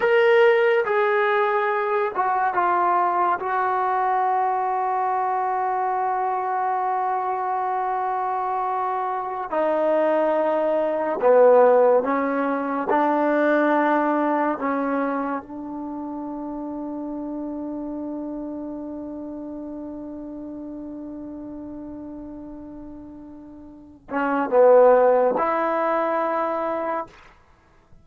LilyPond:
\new Staff \with { instrumentName = "trombone" } { \time 4/4 \tempo 4 = 71 ais'4 gis'4. fis'8 f'4 | fis'1~ | fis'2.~ fis'16 dis'8.~ | dis'4~ dis'16 b4 cis'4 d'8.~ |
d'4~ d'16 cis'4 d'4.~ d'16~ | d'1~ | d'1~ | d'8 cis'8 b4 e'2 | }